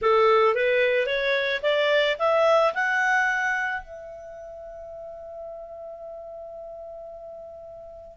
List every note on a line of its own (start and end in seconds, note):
0.01 0.54 A4
0.54 1.06 B4
1.06 1.61 C#5
1.62 2.16 D5
2.18 2.73 E5
2.73 3.81 F#5
3.81 8.17 E5